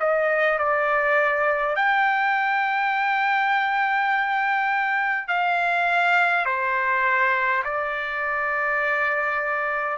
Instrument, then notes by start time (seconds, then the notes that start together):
trumpet
0.00 D#5
0.59 D5
1.76 G5
5.28 F5
6.45 C5
7.64 D5